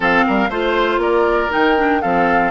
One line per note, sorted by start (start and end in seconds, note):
0.00 0.24 F3
0.00 0.49 C4
0.00 0.24 A4
0.00 0.50 F5
0.27 0.49 G3
0.27 0.49 A#4
0.49 0.97 A3
0.49 1.50 F4
0.49 1.00 C5
0.49 1.01 C5
0.97 1.48 A#3
0.97 2.01 A#4
0.97 1.52 D5
1.50 2.03 D#3
1.50 1.75 D#4
1.50 2.01 G5
1.76 2.01 D4
2.01 2.51 F3
2.01 2.51 C4
2.01 2.51 A4
2.01 2.51 F5